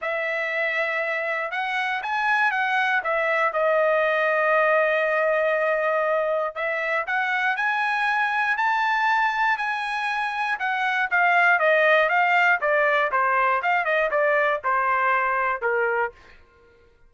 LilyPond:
\new Staff \with { instrumentName = "trumpet" } { \time 4/4 \tempo 4 = 119 e''2. fis''4 | gis''4 fis''4 e''4 dis''4~ | dis''1~ | dis''4 e''4 fis''4 gis''4~ |
gis''4 a''2 gis''4~ | gis''4 fis''4 f''4 dis''4 | f''4 d''4 c''4 f''8 dis''8 | d''4 c''2 ais'4 | }